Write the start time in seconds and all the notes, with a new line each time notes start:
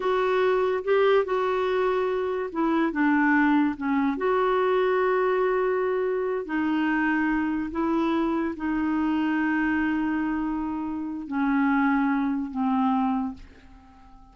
0.00 F#4
0.84 G4
1.25 F#4
2.52 E4
2.92 D4
3.77 C#4
4.17 F#4
6.45 D#4
7.71 E4
8.56 D#4
11.27 C#4
12.50 C4